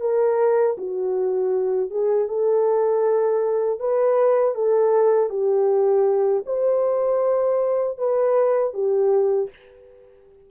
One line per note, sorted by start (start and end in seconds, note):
0.00 0.76 A#4
0.77 1.90 F#4
1.90 2.28 G#4
2.28 3.79 A4
3.79 4.54 B4
4.54 5.29 A4
5.29 6.43 G4
6.46 7.97 C5
7.97 8.73 B4
8.73 9.49 G4